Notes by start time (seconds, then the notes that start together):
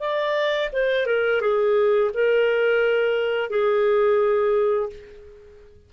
0.00 D5
0.73 C5
1.07 A#4
1.41 G#4
2.14 A#4
3.50 G#4